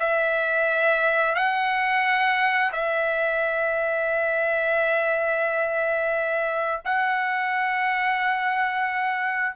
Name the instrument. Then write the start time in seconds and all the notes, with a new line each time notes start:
trumpet
0.00 E5
1.35 F#5
2.73 E5
6.85 F#5